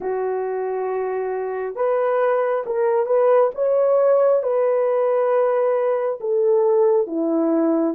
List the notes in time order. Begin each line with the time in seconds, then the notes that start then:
0.00 F#4
1.75 B4
2.66 A#4
3.06 B4
3.55 C#5
4.42 B4
6.20 A4
7.06 E4